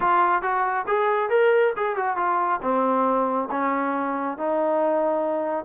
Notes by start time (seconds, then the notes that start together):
0.00 F4
0.42 F#4
0.87 G#4
1.29 A#4
1.76 G#4
1.95 F#4
2.16 F4
2.61 C4
3.50 C#4
4.37 D#4